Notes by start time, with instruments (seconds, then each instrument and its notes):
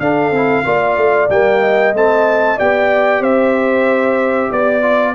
0.00 tuba D4, trombone D4, horn A4, trumpet F5
0.31 tuba C4, trombone E4
0.65 tuba A#3, trombone F4, horn D5
0.97 tuba A3
1.29 tuba G3, trombone A#3, trumpet G5
1.61 horn D#5
1.93 tuba A3, trombone C4, trumpet A5
2.57 tuba B3, trombone G4, horn D5, trumpet G5
3.20 tuba C4, horn C5, trumpet E5
4.51 tuba B3, horn D5, trumpet D5
4.82 trombone F4